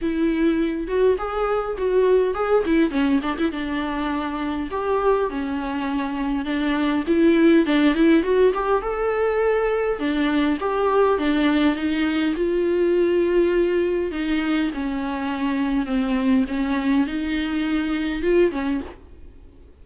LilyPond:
\new Staff \with { instrumentName = "viola" } { \time 4/4 \tempo 4 = 102 e'4. fis'8 gis'4 fis'4 | gis'8 e'8 cis'8 d'16 e'16 d'2 | g'4 cis'2 d'4 | e'4 d'8 e'8 fis'8 g'8 a'4~ |
a'4 d'4 g'4 d'4 | dis'4 f'2. | dis'4 cis'2 c'4 | cis'4 dis'2 f'8 cis'8 | }